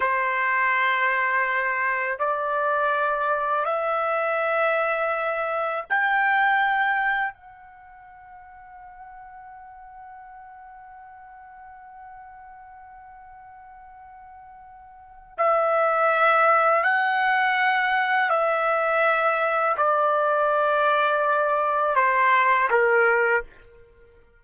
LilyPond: \new Staff \with { instrumentName = "trumpet" } { \time 4/4 \tempo 4 = 82 c''2. d''4~ | d''4 e''2. | g''2 fis''2~ | fis''1~ |
fis''1~ | fis''4 e''2 fis''4~ | fis''4 e''2 d''4~ | d''2 c''4 ais'4 | }